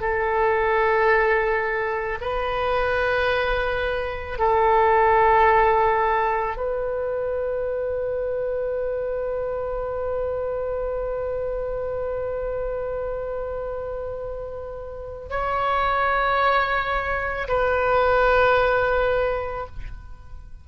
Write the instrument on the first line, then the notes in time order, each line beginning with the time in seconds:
oboe
0.00 A4
2.21 B4
4.38 A4
6.57 B4
15.30 C#5
17.48 B4